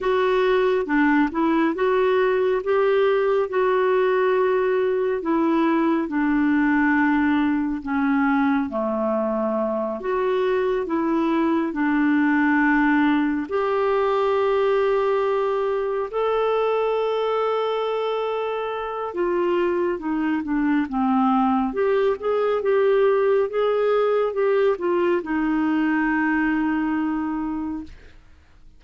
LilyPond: \new Staff \with { instrumentName = "clarinet" } { \time 4/4 \tempo 4 = 69 fis'4 d'8 e'8 fis'4 g'4 | fis'2 e'4 d'4~ | d'4 cis'4 a4. fis'8~ | fis'8 e'4 d'2 g'8~ |
g'2~ g'8 a'4.~ | a'2 f'4 dis'8 d'8 | c'4 g'8 gis'8 g'4 gis'4 | g'8 f'8 dis'2. | }